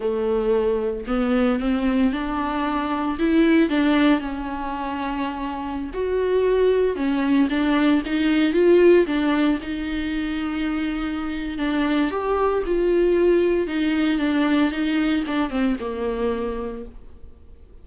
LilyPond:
\new Staff \with { instrumentName = "viola" } { \time 4/4 \tempo 4 = 114 a2 b4 c'4 | d'2 e'4 d'4 | cis'2.~ cis'16 fis'8.~ | fis'4~ fis'16 cis'4 d'4 dis'8.~ |
dis'16 f'4 d'4 dis'4.~ dis'16~ | dis'2 d'4 g'4 | f'2 dis'4 d'4 | dis'4 d'8 c'8 ais2 | }